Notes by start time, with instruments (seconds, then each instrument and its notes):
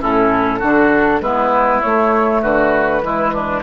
0.00 bassoon A2, clarinet C#4, oboe E4, flute A4
0.59 bassoon D3, clarinet D4, oboe F#4
1.21 bassoon G#3, clarinet B3, oboe E4, flute B4
1.82 clarinet A3, bassoon A3, flute C#5
2.42 bassoon D3, oboe F#4, flute B4
3.02 bassoon E3, clarinet G#3, oboe E4
3.33 oboe D4